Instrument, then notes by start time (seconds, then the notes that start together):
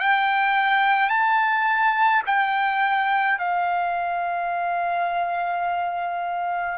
trumpet
0.00 G5
1.10 A5
2.26 G5
3.39 F5